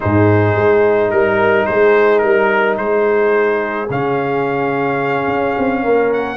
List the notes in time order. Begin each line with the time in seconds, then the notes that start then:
0.00 G#2 D#4 G#4 C5
0.55 G#3
1.09 G3 A#4
1.66 G#3 G#4 C5
2.19 G3 A#4
2.77 G#3 G#4 C5
3.89 C#3 C#4 F5
5.27 C#4
5.58 C4
5.82 A#3 A#4
6.13 F#5